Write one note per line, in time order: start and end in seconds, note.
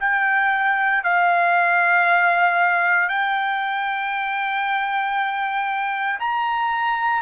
0.00 1.03 G5
1.03 3.08 F5
3.08 6.19 G5
6.19 7.22 A#5